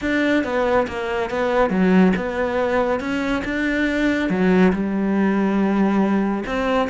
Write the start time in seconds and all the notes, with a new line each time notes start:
0.01 D4
0.43 B3
0.87 A#3
1.30 B3
1.70 F#3
2.16 B3
3.00 C#4
3.44 D4
4.29 F#3
4.72 G3
6.46 C4